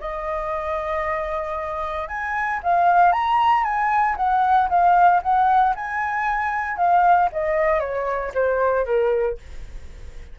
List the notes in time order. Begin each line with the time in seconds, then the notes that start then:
0.00 D#5
2.08 G#5
2.63 F5
3.12 A#5
3.64 G#5
4.17 F#5
4.69 F5
5.22 F#5
5.75 G#5
6.77 F5
7.32 D#5
7.80 C#5
8.34 C5
8.86 A#4